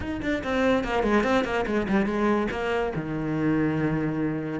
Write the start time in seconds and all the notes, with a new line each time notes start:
0.00 D#4
0.22 D4
0.43 C4
0.84 A#3
1.03 G#3
1.23 C4
1.44 A#3
1.66 G#3
1.88 G3
2.05 G#3
2.51 A#3
2.95 D#3